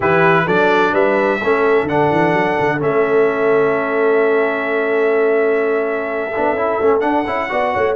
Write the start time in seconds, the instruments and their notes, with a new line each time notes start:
0.00 tuba E3, trombone E4, horn G4, trumpet B4
0.46 tuba F#3, trombone D4, horn A4, trumpet D5
0.92 tuba G3, horn B4, trumpet E5
1.40 tuba A3, trombone C#4, horn A4
1.83 tuba D3, trombone D4, trumpet F#5
2.11 tuba E3
2.33 tuba F#3
2.59 tuba D3
2.78 tuba A3, trombone C#4, trumpet E5
6.35 tuba B3, trombone D4
6.53 tuba C#4, trombone E4
6.80 tuba A3, trombone C#4
7.00 trombone D4, tuba D4, trumpet F#5
7.26 tuba C#4, trombone E4
7.49 tuba B3, trombone F#4, horn D5
7.73 tuba A3, horn C#5